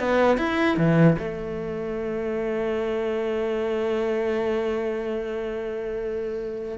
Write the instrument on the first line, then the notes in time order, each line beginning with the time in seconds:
cello
0.00 B3
0.38 E4
0.77 E3
1.19 A3